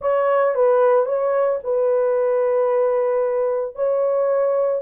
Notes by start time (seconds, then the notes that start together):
0.01 C#5
0.54 B4
1.05 C#5
1.63 B4
3.75 C#5